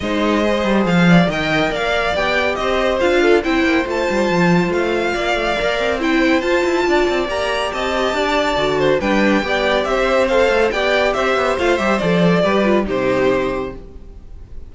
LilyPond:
<<
  \new Staff \with { instrumentName = "violin" } { \time 4/4 \tempo 4 = 140 dis''2 f''4 g''4 | f''4 g''4 dis''4 f''4 | g''4 a''2 f''4~ | f''2 g''4 a''4~ |
a''4 ais''4 a''2~ | a''4 g''2 e''4 | f''4 g''4 e''4 f''8 e''8 | d''2 c''2 | }
  \new Staff \with { instrumentName = "violin" } { \time 4/4 c''2~ c''8 d''8 dis''4 | d''2 c''4. a'8 | c''1 | d''2 c''2 |
d''2 dis''4 d''4~ | d''8 c''8 b'4 d''4 c''4~ | c''4 d''4 c''2~ | c''4 b'4 g'2 | }
  \new Staff \with { instrumentName = "viola" } { \time 4/4 dis'4 gis'2 ais'4~ | ais'4 g'2 f'4 | e'4 f'2.~ | f'4 ais'4 e'4 f'4~ |
f'4 g'2. | fis'4 d'4 g'2 | a'4 g'2 f'8 g'8 | a'4 g'8 f'8 dis'2 | }
  \new Staff \with { instrumentName = "cello" } { \time 4/4 gis4. g8 f4 dis4 | ais4 b4 c'4 d'4 | c'8 ais8 a8 g8 f4 a4 | ais8 a8 ais8 c'4. f'8 e'8 |
d'8 c'8 ais4 c'4 d'4 | d4 g4 b4 c'4~ | c'8 a8 b4 c'8 b8 a8 g8 | f4 g4 c2 | }
>>